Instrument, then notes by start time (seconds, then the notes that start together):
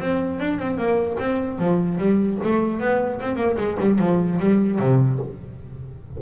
double bass
0.00 C4
0.40 D4
0.59 C4
0.78 A#3
1.19 C4
1.59 F3
1.99 G3
2.44 A3
2.80 B3
3.21 C4
3.36 A#3
3.58 G#3
3.80 G3
3.99 F3
4.39 G3
4.79 C3